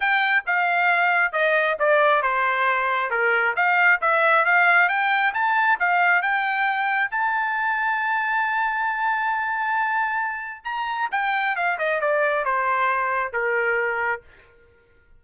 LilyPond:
\new Staff \with { instrumentName = "trumpet" } { \time 4/4 \tempo 4 = 135 g''4 f''2 dis''4 | d''4 c''2 ais'4 | f''4 e''4 f''4 g''4 | a''4 f''4 g''2 |
a''1~ | a''1 | ais''4 g''4 f''8 dis''8 d''4 | c''2 ais'2 | }